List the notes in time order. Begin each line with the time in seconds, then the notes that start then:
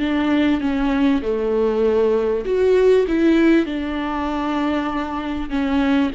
0.00 D4
0.61 C#4
1.23 A3
2.45 F#4
3.08 E4
3.66 D4
5.50 C#4